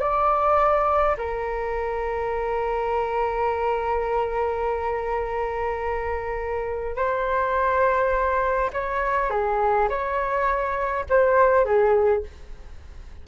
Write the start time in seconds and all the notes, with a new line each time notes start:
0.00 D5
1.17 A#4
6.96 C5
8.73 C#5
9.30 G#4
9.89 C#5
11.09 C5
11.65 G#4